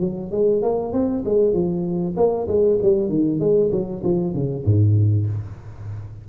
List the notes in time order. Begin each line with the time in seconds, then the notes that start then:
0.00 F#3
0.31 G#3
0.62 A#3
0.92 C4
1.25 G#3
1.53 F3
2.16 A#3
2.47 G#3
2.82 G3
3.09 D#3
3.39 G#3
3.71 F#3
4.03 F3
4.33 C#3
4.64 G#2